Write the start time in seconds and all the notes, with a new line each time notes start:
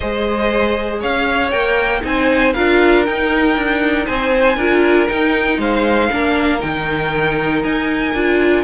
0.00 G#3 G#4 C5 D#5
0.99 C#4 C#5 F5
1.51 A#3 A#4 G5
2.01 C4 D#4 C5 G#5
2.53 D4 F4 A#4 F5
3.05 D#4 G5
3.56 D4
4.06 C4 C5 G#5
4.56 D4 F4 A#4
5.08 D#4 G5
5.57 G#3 C5 F5
6.11 A#3 D4 A#4
6.59 D#3 D#4 G5
7.63 D#4 G#5
8.14 D4 F4